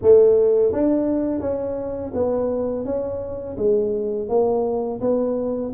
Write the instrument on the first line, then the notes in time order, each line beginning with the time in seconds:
tuba
0.02 A3
0.72 D4
1.40 C#4
2.14 B3
2.85 C#4
3.57 G#3
4.29 A#3
5.01 B3